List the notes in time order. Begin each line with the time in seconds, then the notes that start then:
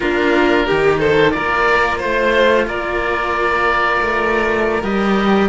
0.00 A#3 D4 F4 A#4
0.66 D#3 D#4 G4
0.99 A4 C5
1.31 A#3 F4 A#4 D5
1.98 A3 C5
2.67 A#3 A#4 D5
4.01 A3
4.82 G3 G4 D#5